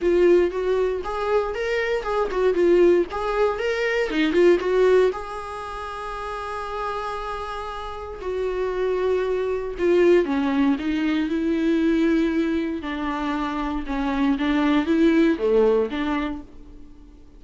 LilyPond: \new Staff \with { instrumentName = "viola" } { \time 4/4 \tempo 4 = 117 f'4 fis'4 gis'4 ais'4 | gis'8 fis'8 f'4 gis'4 ais'4 | dis'8 f'8 fis'4 gis'2~ | gis'1 |
fis'2. f'4 | cis'4 dis'4 e'2~ | e'4 d'2 cis'4 | d'4 e'4 a4 d'4 | }